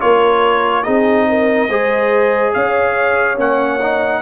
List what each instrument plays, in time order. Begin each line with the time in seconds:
0.00 tuba A#3, trombone F4, horn A#4, trumpet C#5
0.83 tuba C4, trombone D#4, horn G#4, trumpet D#5
1.29 horn A#4
1.69 tuba G#3, trombone G#4, horn C5
2.54 tuba C#4, horn C#5, trumpet F5
3.37 tuba A#3, trombone C#4, trumpet F#5
3.82 trombone D#4